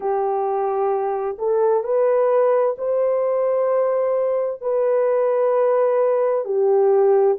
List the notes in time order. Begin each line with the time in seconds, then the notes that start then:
0.00 G4
1.38 A4
1.83 B4
2.77 C5
4.61 B4
6.44 G4